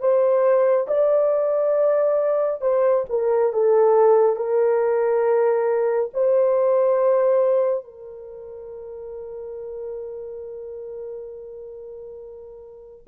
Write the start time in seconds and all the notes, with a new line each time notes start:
0.00 C5
0.88 D5
2.61 C5
3.09 A#4
3.53 A4
4.36 A#4
6.14 C5
7.85 A#4